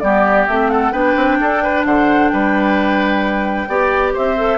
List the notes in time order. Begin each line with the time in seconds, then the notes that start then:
0.00 G3 B3 G4 D5
0.48 A3 C4 E5
0.70 A4 F#5
0.92 B3 D4 B4 G5
1.16 C4
1.40 D4 A4
1.63 B4
1.85 D3 C5 F#5
2.29 G3 B4 G5
3.68 B3 G4 D5
4.14 C4 C5 E5
4.37 A4